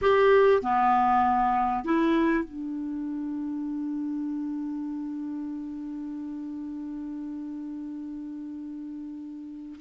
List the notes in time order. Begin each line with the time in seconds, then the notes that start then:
0.01 G4
0.62 B3
1.84 E4
2.44 D4